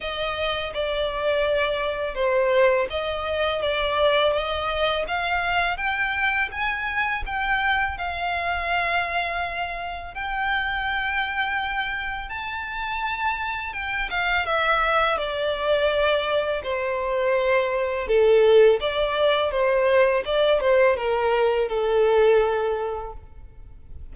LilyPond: \new Staff \with { instrumentName = "violin" } { \time 4/4 \tempo 4 = 83 dis''4 d''2 c''4 | dis''4 d''4 dis''4 f''4 | g''4 gis''4 g''4 f''4~ | f''2 g''2~ |
g''4 a''2 g''8 f''8 | e''4 d''2 c''4~ | c''4 a'4 d''4 c''4 | d''8 c''8 ais'4 a'2 | }